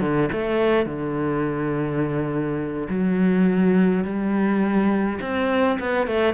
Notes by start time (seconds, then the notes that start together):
0.00 D3
0.32 A3
0.85 D3
2.89 F#3
4.04 G3
5.21 C4
5.79 B3
6.07 A3